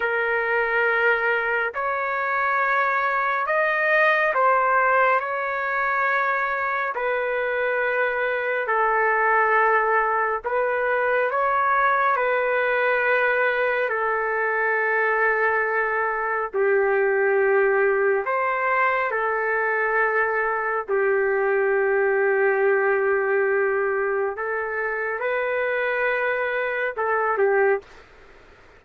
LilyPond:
\new Staff \with { instrumentName = "trumpet" } { \time 4/4 \tempo 4 = 69 ais'2 cis''2 | dis''4 c''4 cis''2 | b'2 a'2 | b'4 cis''4 b'2 |
a'2. g'4~ | g'4 c''4 a'2 | g'1 | a'4 b'2 a'8 g'8 | }